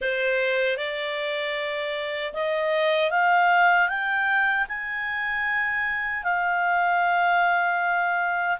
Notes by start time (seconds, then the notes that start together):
0.01 C5
0.77 D5
2.33 D#5
3.10 F5
3.88 G5
4.68 G#5
6.23 F5